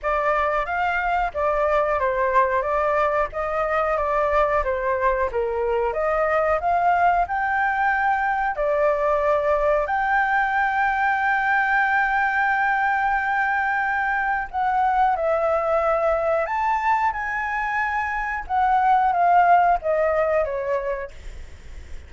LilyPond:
\new Staff \with { instrumentName = "flute" } { \time 4/4 \tempo 4 = 91 d''4 f''4 d''4 c''4 | d''4 dis''4 d''4 c''4 | ais'4 dis''4 f''4 g''4~ | g''4 d''2 g''4~ |
g''1~ | g''2 fis''4 e''4~ | e''4 a''4 gis''2 | fis''4 f''4 dis''4 cis''4 | }